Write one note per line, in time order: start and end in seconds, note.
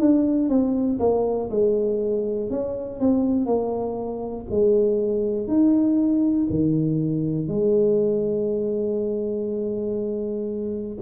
0.00 0.49 D4
0.49 0.99 C4
1.00 1.50 A#3
1.50 2.50 G#3
2.50 3.00 C#4
3.00 3.46 C4
3.46 4.46 A#3
4.50 5.48 G#3
5.48 6.48 D#4
6.50 7.48 D#3
7.48 10.98 G#3